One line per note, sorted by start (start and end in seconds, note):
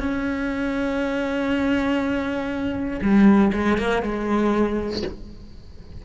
0.00 3.00 C#4
3.02 3.52 G3
3.53 3.78 G#3
3.78 4.03 A#3
4.03 5.03 G#3